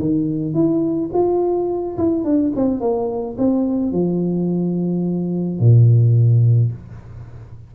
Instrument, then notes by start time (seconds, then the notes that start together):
tuba
0.00 D#3
0.54 E4
1.13 F4
1.98 E4
2.25 D4
2.56 C4
2.81 A#3
3.38 C4
3.93 F3
5.60 A#2